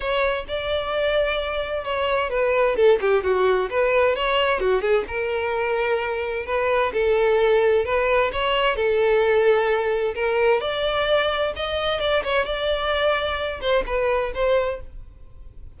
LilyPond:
\new Staff \with { instrumentName = "violin" } { \time 4/4 \tempo 4 = 130 cis''4 d''2. | cis''4 b'4 a'8 g'8 fis'4 | b'4 cis''4 fis'8 gis'8 ais'4~ | ais'2 b'4 a'4~ |
a'4 b'4 cis''4 a'4~ | a'2 ais'4 d''4~ | d''4 dis''4 d''8 cis''8 d''4~ | d''4. c''8 b'4 c''4 | }